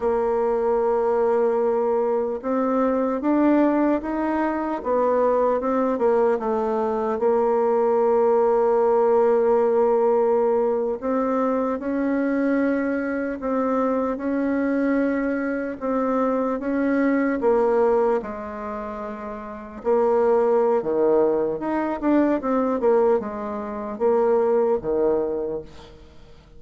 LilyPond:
\new Staff \with { instrumentName = "bassoon" } { \time 4/4 \tempo 4 = 75 ais2. c'4 | d'4 dis'4 b4 c'8 ais8 | a4 ais2.~ | ais4.~ ais16 c'4 cis'4~ cis'16~ |
cis'8. c'4 cis'2 c'16~ | c'8. cis'4 ais4 gis4~ gis16~ | gis8. ais4~ ais16 dis4 dis'8 d'8 | c'8 ais8 gis4 ais4 dis4 | }